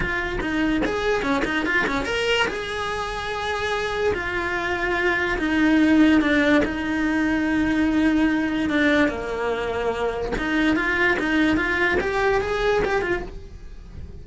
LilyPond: \new Staff \with { instrumentName = "cello" } { \time 4/4 \tempo 4 = 145 f'4 dis'4 gis'4 cis'8 dis'8 | f'8 cis'8 ais'4 gis'2~ | gis'2 f'2~ | f'4 dis'2 d'4 |
dis'1~ | dis'4 d'4 ais2~ | ais4 dis'4 f'4 dis'4 | f'4 g'4 gis'4 g'8 f'8 | }